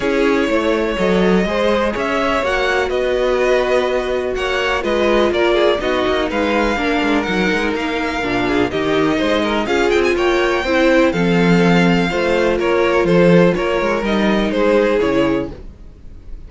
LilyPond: <<
  \new Staff \with { instrumentName = "violin" } { \time 4/4 \tempo 4 = 124 cis''2 dis''2 | e''4 fis''4 dis''2~ | dis''4 fis''4 dis''4 d''4 | dis''4 f''2 fis''4 |
f''2 dis''2 | f''8 g''16 gis''16 g''2 f''4~ | f''2 cis''4 c''4 | cis''4 dis''4 c''4 cis''4 | }
  \new Staff \with { instrumentName = "violin" } { \time 4/4 gis'4 cis''2 c''4 | cis''2 b'2~ | b'4 cis''4 b'4 ais'8 gis'8 | fis'4 b'4 ais'2~ |
ais'4. gis'8 g'4 c''8 ais'8 | gis'4 cis''4 c''4 a'4~ | a'4 c''4 ais'4 a'4 | ais'2 gis'2 | }
  \new Staff \with { instrumentName = "viola" } { \time 4/4 e'2 a'4 gis'4~ | gis'4 fis'2.~ | fis'2 f'2 | dis'2 d'4 dis'4~ |
dis'4 d'4 dis'2 | f'2 e'4 c'4~ | c'4 f'2.~ | f'4 dis'2 e'4 | }
  \new Staff \with { instrumentName = "cello" } { \time 4/4 cis'4 a4 fis4 gis4 | cis'4 ais4 b2~ | b4 ais4 gis4 ais4 | b8 ais8 gis4 ais8 gis8 fis8 gis8 |
ais4 ais,4 dis4 gis4 | cis'8 c'8 ais4 c'4 f4~ | f4 a4 ais4 f4 | ais8 gis8 g4 gis4 cis4 | }
>>